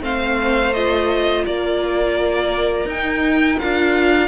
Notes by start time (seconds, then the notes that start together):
0.00 A3 C4 C5 F5
0.73 F4 D#5
1.44 A#3 A#4 D5
2.86 D#4 G5
3.59 D4 F4 F5